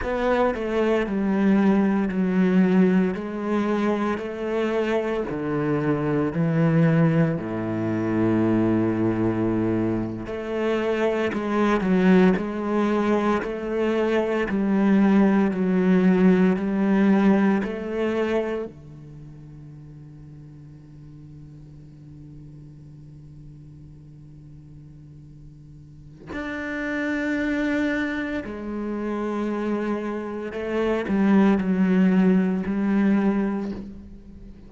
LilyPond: \new Staff \with { instrumentName = "cello" } { \time 4/4 \tempo 4 = 57 b8 a8 g4 fis4 gis4 | a4 d4 e4 a,4~ | a,4.~ a,16 a4 gis8 fis8 gis16~ | gis8. a4 g4 fis4 g16~ |
g8. a4 d2~ d16~ | d1~ | d4 d'2 gis4~ | gis4 a8 g8 fis4 g4 | }